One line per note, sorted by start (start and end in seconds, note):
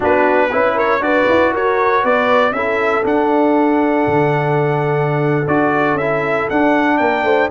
0.00 0.53 B3
0.00 0.50 D4
0.00 0.48 F#4
0.00 0.78 B4
0.50 1.00 C#4
0.50 1.00 E4
0.50 0.75 B4
0.75 1.00 A#4
0.75 1.02 C#5
1.00 1.25 D4
1.00 2.53 F#4
1.00 1.52 B4
1.00 1.53 D5
1.29 1.54 E4
1.52 2.03 F#4
1.52 2.03 A#4
1.52 2.05 C#5
2.03 2.51 B3
2.03 2.54 B4
2.03 2.52 D5
2.51 3.02 C#4
2.51 3.03 E4
2.51 6.99 A4
2.51 3.03 E5
3.03 5.44 D4
3.03 4.05 D4
3.03 5.47 F#5
4.06 5.46 D3
5.47 5.93 D4
5.47 5.99 F#4
5.47 5.97 D5
5.93 6.44 C#4
5.93 6.48 E5
6.00 6.50 E4
6.49 6.99 D4
6.49 7.50 D4
6.49 6.97 F#5
6.97 7.23 A#3
6.97 7.24 A#4
6.97 7.48 G5
7.23 7.48 A3
7.23 7.50 C5